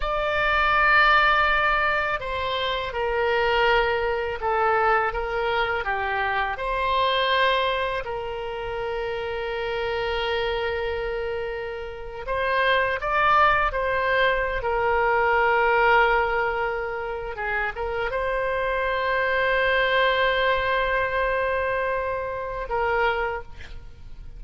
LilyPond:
\new Staff \with { instrumentName = "oboe" } { \time 4/4 \tempo 4 = 82 d''2. c''4 | ais'2 a'4 ais'4 | g'4 c''2 ais'4~ | ais'1~ |
ais'8. c''4 d''4 c''4~ c''16 | ais'2.~ ais'8. gis'16~ | gis'16 ais'8 c''2.~ c''16~ | c''2. ais'4 | }